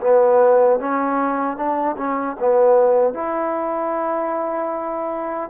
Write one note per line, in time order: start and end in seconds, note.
0.00 0.79 B3
0.79 1.56 C#4
1.56 1.96 D4
1.97 2.36 C#4
2.39 3.13 B3
3.13 5.50 E4